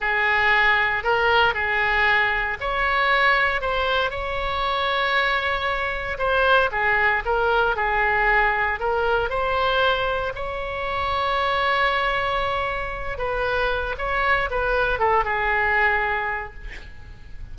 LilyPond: \new Staff \with { instrumentName = "oboe" } { \time 4/4 \tempo 4 = 116 gis'2 ais'4 gis'4~ | gis'4 cis''2 c''4 | cis''1 | c''4 gis'4 ais'4 gis'4~ |
gis'4 ais'4 c''2 | cis''1~ | cis''4. b'4. cis''4 | b'4 a'8 gis'2~ gis'8 | }